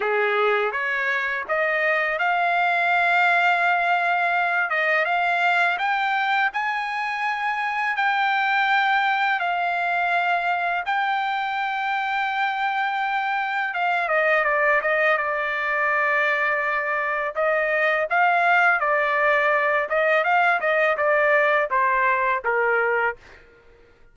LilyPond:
\new Staff \with { instrumentName = "trumpet" } { \time 4/4 \tempo 4 = 83 gis'4 cis''4 dis''4 f''4~ | f''2~ f''8 dis''8 f''4 | g''4 gis''2 g''4~ | g''4 f''2 g''4~ |
g''2. f''8 dis''8 | d''8 dis''8 d''2. | dis''4 f''4 d''4. dis''8 | f''8 dis''8 d''4 c''4 ais'4 | }